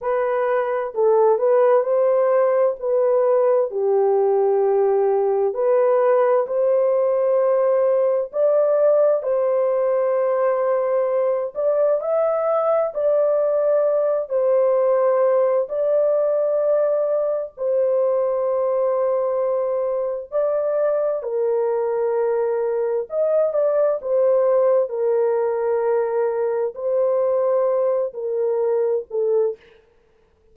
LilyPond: \new Staff \with { instrumentName = "horn" } { \time 4/4 \tempo 4 = 65 b'4 a'8 b'8 c''4 b'4 | g'2 b'4 c''4~ | c''4 d''4 c''2~ | c''8 d''8 e''4 d''4. c''8~ |
c''4 d''2 c''4~ | c''2 d''4 ais'4~ | ais'4 dis''8 d''8 c''4 ais'4~ | ais'4 c''4. ais'4 a'8 | }